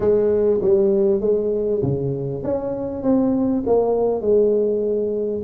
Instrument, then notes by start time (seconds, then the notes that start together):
tuba
0.00 G#3
0.61 G3
1.20 G#3
1.82 C#3
2.43 C#4
3.02 C4
3.66 A#3
4.21 G#3